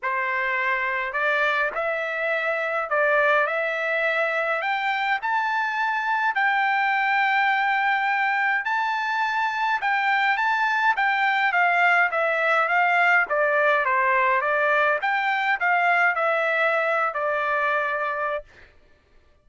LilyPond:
\new Staff \with { instrumentName = "trumpet" } { \time 4/4 \tempo 4 = 104 c''2 d''4 e''4~ | e''4 d''4 e''2 | g''4 a''2 g''4~ | g''2. a''4~ |
a''4 g''4 a''4 g''4 | f''4 e''4 f''4 d''4 | c''4 d''4 g''4 f''4 | e''4.~ e''16 d''2~ d''16 | }